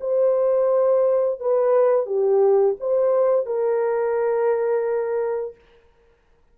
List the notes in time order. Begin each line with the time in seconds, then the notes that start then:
0.00 C5
1.40 B4
2.05 G4
2.79 C5
3.45 A#4